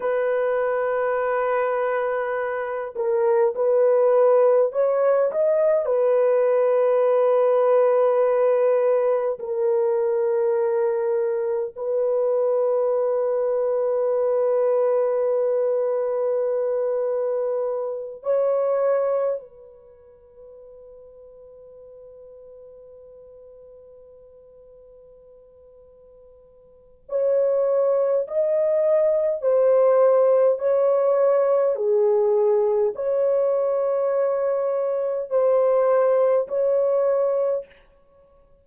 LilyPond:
\new Staff \with { instrumentName = "horn" } { \time 4/4 \tempo 4 = 51 b'2~ b'8 ais'8 b'4 | cis''8 dis''8 b'2. | ais'2 b'2~ | b'2.~ b'8 cis''8~ |
cis''8 b'2.~ b'8~ | b'2. cis''4 | dis''4 c''4 cis''4 gis'4 | cis''2 c''4 cis''4 | }